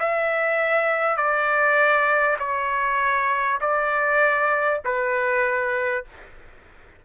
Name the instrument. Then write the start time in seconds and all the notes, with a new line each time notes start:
trumpet
0.00 E5
1.17 D5
2.39 C#5
3.61 D5
4.85 B4